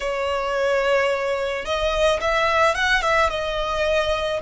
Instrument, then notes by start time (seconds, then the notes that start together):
violin
0.00 C#5
1.65 D#5
2.20 E5
2.74 F#5
3.02 E5
3.29 D#5